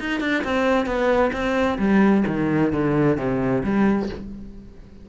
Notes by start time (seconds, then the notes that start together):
0.00 D#4
0.20 D4
0.44 C4
0.86 B3
1.33 C4
1.79 G3
2.27 D#3
2.73 D3
3.17 C3
3.64 G3